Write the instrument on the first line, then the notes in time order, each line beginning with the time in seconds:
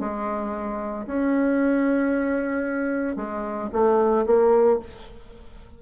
bassoon
0.00 G#3
1.07 C#4
3.17 G#3
3.73 A3
4.26 A#3